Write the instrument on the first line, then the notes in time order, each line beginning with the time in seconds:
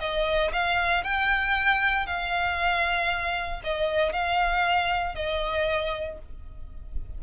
violin
0.00 D#5
0.53 F5
1.04 G5
2.06 F5
3.64 D#5
4.13 F5
5.15 D#5